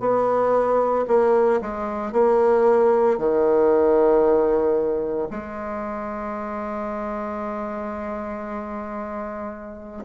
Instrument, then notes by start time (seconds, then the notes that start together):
bassoon
0.00 B3
1.08 A#3
1.61 G#3
2.13 A#3
3.18 D#3
5.31 G#3